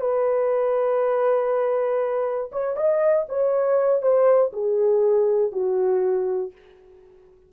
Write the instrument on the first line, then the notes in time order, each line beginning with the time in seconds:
horn
0.00 B4
2.52 C#5
2.76 D#5
3.28 C#5
4.02 C5
4.52 G#4
5.52 F#4